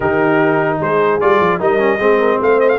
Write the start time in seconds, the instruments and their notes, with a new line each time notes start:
0.00 tuba D#3, trombone D#4, horn G4, trumpet A#4
0.80 tuba G#3, horn G#4, trumpet C5
1.20 tuba G3, trombone F4, trumpet D5
1.40 tuba F3
1.59 tuba G3, trombone D#4, horn A#4, trumpet D#5
1.78 trombone C#4
1.98 tuba G#3, trombone C4, horn G#4
2.18 horn A#4
2.40 tuba A3, horn C5, trumpet F5
2.60 trumpet D#5
2.68 trumpet F5